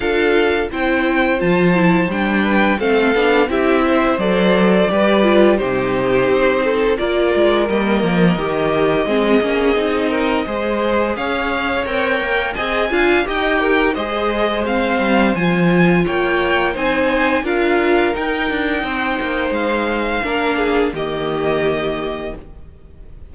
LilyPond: <<
  \new Staff \with { instrumentName = "violin" } { \time 4/4 \tempo 4 = 86 f''4 g''4 a''4 g''4 | f''4 e''4 d''2 | c''2 d''4 dis''4~ | dis''1 |
f''4 g''4 gis''4 g''4 | dis''4 f''4 gis''4 g''4 | gis''4 f''4 g''2 | f''2 dis''2 | }
  \new Staff \with { instrumentName = "violin" } { \time 4/4 a'4 c''2~ c''8 b'8 | a'4 g'8 c''4. b'4 | g'4. a'8 ais'2~ | ais'4 gis'4. ais'8 c''4 |
cis''2 dis''8 f''8 dis''8 ais'8 | c''2. cis''4 | c''4 ais'2 c''4~ | c''4 ais'8 gis'8 g'2 | }
  \new Staff \with { instrumentName = "viola" } { \time 4/4 f'4 e'4 f'8 e'8 d'4 | c'8 d'8 e'4 a'4 g'8 f'8 | dis'2 f'4 ais4 | g'4 c'8 cis'8 dis'4 gis'4~ |
gis'4 ais'4 gis'8 f'8 g'4 | gis'4 c'4 f'2 | dis'4 f'4 dis'2~ | dis'4 d'4 ais2 | }
  \new Staff \with { instrumentName = "cello" } { \time 4/4 d'4 c'4 f4 g4 | a8 b8 c'4 fis4 g4 | c4 c'4 ais8 gis8 g8 f8 | dis4 gis8 ais8 c'4 gis4 |
cis'4 c'8 ais8 c'8 d'8 dis'4 | gis4. g8 f4 ais4 | c'4 d'4 dis'8 d'8 c'8 ais8 | gis4 ais4 dis2 | }
>>